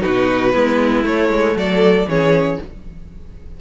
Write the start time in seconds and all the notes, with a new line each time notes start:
0.00 B2 D#4 F#4 B4
0.53 G#3 B3 E4
1.03 A3 C#5
1.29 G#3
1.55 F#3 A4 D5
2.07 E3 C#4 G#4 C#5